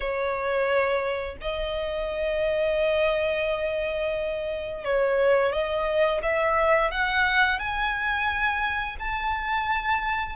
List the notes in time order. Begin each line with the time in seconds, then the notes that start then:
0.00 C#5
1.41 D#5
4.84 C#5
5.52 D#5
6.22 E5
6.91 F#5
7.59 G#5
8.99 A5